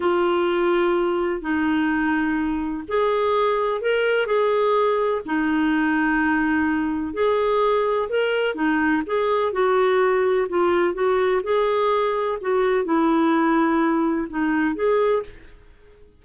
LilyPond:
\new Staff \with { instrumentName = "clarinet" } { \time 4/4 \tempo 4 = 126 f'2. dis'4~ | dis'2 gis'2 | ais'4 gis'2 dis'4~ | dis'2. gis'4~ |
gis'4 ais'4 dis'4 gis'4 | fis'2 f'4 fis'4 | gis'2 fis'4 e'4~ | e'2 dis'4 gis'4 | }